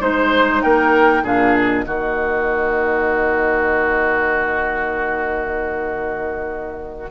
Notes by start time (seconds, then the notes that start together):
0.00 G#3 D#4 C5
0.62 A#3 A#4 G5
1.23 A#2 D4 G#4 F5
1.56 D#5
1.85 D#3 A#3 F#4